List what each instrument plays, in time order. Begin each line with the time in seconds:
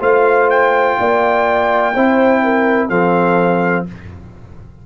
0.00 tuba A3, trombone F4, horn C5, trumpet F5
0.50 trumpet G5
1.00 tuba A#3, horn D5
1.94 tuba C4, trombone E4, horn C5
2.43 horn A#4
2.89 tuba F3, trombone C4, horn A4, trumpet F5